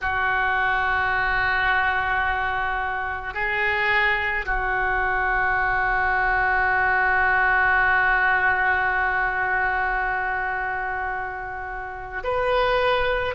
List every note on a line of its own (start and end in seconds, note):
0.01 3.34 F#4
3.34 4.45 G#4
4.45 12.23 F#4
12.23 13.34 B4